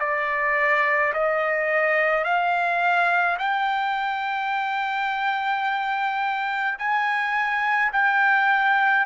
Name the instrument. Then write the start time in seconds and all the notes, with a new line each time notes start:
trumpet
0.00 D5
1.14 D#5
2.24 F5
3.39 G5
6.79 G#5
7.93 G5